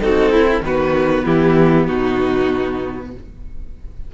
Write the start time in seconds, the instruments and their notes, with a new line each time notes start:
0.00 cello C4, viola D#4, violin F#4 A4
0.32 violin E4, viola E4
0.61 cello D#3, viola B3, violin F#4 B4
1.25 cello E3, violin E4 G4
1.86 cello B2, violin D#4 F#4